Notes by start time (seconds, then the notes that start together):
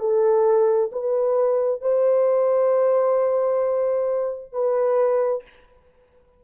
0.00 A4
0.93 B4
1.82 C5
4.53 B4